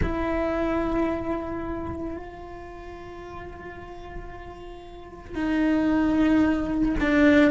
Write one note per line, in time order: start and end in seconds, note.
0.02 2.16 E4
2.16 5.35 F4
5.35 6.95 D#4
6.99 7.50 D4